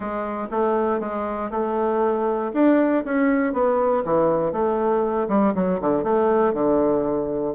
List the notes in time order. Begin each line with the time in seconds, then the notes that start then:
0.00 G#3
0.50 A3
0.99 G#3
1.51 A3
2.53 D4
3.04 C#4
3.53 B3
4.05 E3
4.52 A3
5.28 G3
5.54 F#3
5.80 D3
6.03 A3
6.53 D3